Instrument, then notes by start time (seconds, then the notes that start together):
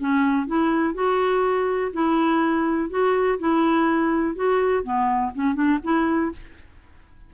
clarinet
0.00 C#4
0.47 E4
0.94 F#4
1.93 E4
2.90 F#4
3.39 E4
4.35 F#4
4.83 B3
5.35 C#4
5.55 D4
5.83 E4